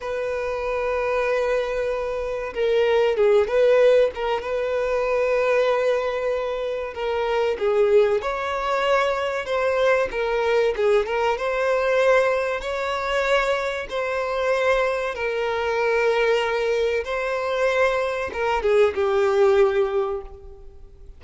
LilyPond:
\new Staff \with { instrumentName = "violin" } { \time 4/4 \tempo 4 = 95 b'1 | ais'4 gis'8 b'4 ais'8 b'4~ | b'2. ais'4 | gis'4 cis''2 c''4 |
ais'4 gis'8 ais'8 c''2 | cis''2 c''2 | ais'2. c''4~ | c''4 ais'8 gis'8 g'2 | }